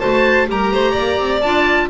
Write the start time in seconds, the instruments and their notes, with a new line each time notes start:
0.00 double bass A3, clarinet F#4, violin C5, oboe A5
0.48 double bass G3, clarinet G4, violin A#4, oboe A#5
0.73 double bass A3, violin C5
0.92 violin D5
0.98 double bass A#3
1.19 double bass C4
1.42 double bass D4, clarinet F4, oboe A5